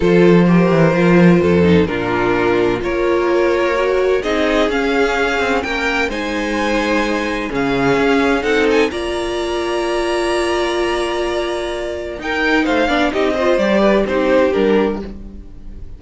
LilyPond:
<<
  \new Staff \with { instrumentName = "violin" } { \time 4/4 \tempo 4 = 128 c''1 | ais'2 cis''2~ | cis''4 dis''4 f''2 | g''4 gis''2. |
f''2 fis''8 gis''8 ais''4~ | ais''1~ | ais''2 g''4 f''4 | dis''4 d''4 c''4 ais'4 | }
  \new Staff \with { instrumentName = "violin" } { \time 4/4 a'4 ais'2 a'4 | f'2 ais'2~ | ais'4 gis'2. | ais'4 c''2. |
gis'2 a'4 d''4~ | d''1~ | d''2 ais'4 c''8 d''8 | g'8 c''4 b'8 g'2 | }
  \new Staff \with { instrumentName = "viola" } { \time 4/4 f'4 g'4 f'4. dis'8 | d'2 f'2 | fis'4 dis'4 cis'2~ | cis'4 dis'2. |
cis'2 dis'4 f'4~ | f'1~ | f'2 dis'4. d'8 | dis'8 f'8 g'4 dis'4 d'4 | }
  \new Staff \with { instrumentName = "cello" } { \time 4/4 f4. e8 f4 f,4 | ais,2 ais2~ | ais4 c'4 cis'4. c'8 | ais4 gis2. |
cis4 cis'4 c'4 ais4~ | ais1~ | ais2 dis'4 a8 b8 | c'4 g4 c'4 g4 | }
>>